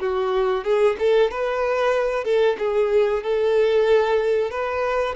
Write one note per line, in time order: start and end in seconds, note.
0.00 0.64 F#4
0.64 0.96 G#4
0.99 1.31 A4
1.31 2.25 B4
2.25 2.57 A4
2.59 3.23 G#4
3.23 4.51 A4
4.51 5.15 B4